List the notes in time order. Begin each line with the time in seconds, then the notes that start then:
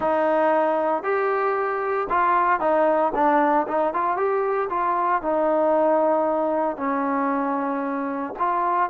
0.00 D#4
1.03 G4
2.09 F4
2.60 D#4
3.14 D4
3.67 D#4
3.93 F4
4.16 G4
4.69 F4
5.22 D#4
6.77 C#4
8.38 F4